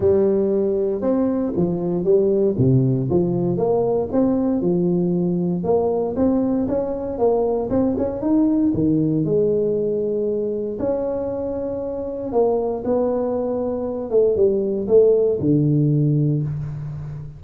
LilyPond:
\new Staff \with { instrumentName = "tuba" } { \time 4/4 \tempo 4 = 117 g2 c'4 f4 | g4 c4 f4 ais4 | c'4 f2 ais4 | c'4 cis'4 ais4 c'8 cis'8 |
dis'4 dis4 gis2~ | gis4 cis'2. | ais4 b2~ b8 a8 | g4 a4 d2 | }